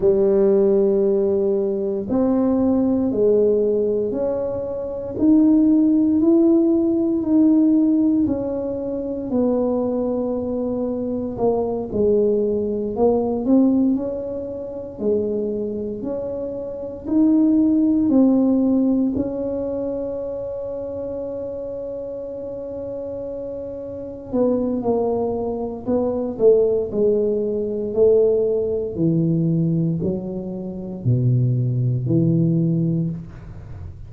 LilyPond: \new Staff \with { instrumentName = "tuba" } { \time 4/4 \tempo 4 = 58 g2 c'4 gis4 | cis'4 dis'4 e'4 dis'4 | cis'4 b2 ais8 gis8~ | gis8 ais8 c'8 cis'4 gis4 cis'8~ |
cis'8 dis'4 c'4 cis'4.~ | cis'2.~ cis'8 b8 | ais4 b8 a8 gis4 a4 | e4 fis4 b,4 e4 | }